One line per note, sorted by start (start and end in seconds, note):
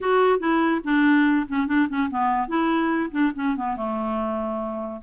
0.00 0.39 F#4
0.39 0.81 E4
0.84 1.46 D4
1.48 1.67 C#4
1.67 1.88 D4
1.89 2.10 C#4
2.10 2.48 B3
2.48 3.10 E4
3.11 3.32 D4
3.35 3.56 C#4
3.56 3.76 B3
3.76 5.01 A3